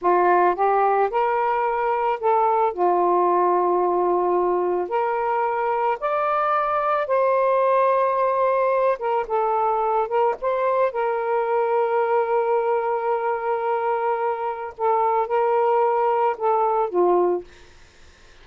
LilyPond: \new Staff \with { instrumentName = "saxophone" } { \time 4/4 \tempo 4 = 110 f'4 g'4 ais'2 | a'4 f'2.~ | f'4 ais'2 d''4~ | d''4 c''2.~ |
c''8 ais'8 a'4. ais'8 c''4 | ais'1~ | ais'2. a'4 | ais'2 a'4 f'4 | }